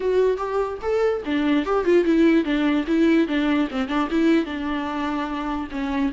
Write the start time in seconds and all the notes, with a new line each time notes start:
0.00 F#4
0.37 G4
0.82 A4
1.25 D4
1.65 G4
1.84 F4
2.04 E4
2.44 D4
2.87 E4
3.27 D4
3.70 C4
3.88 D4
4.10 E4
4.45 D4
5.71 C#4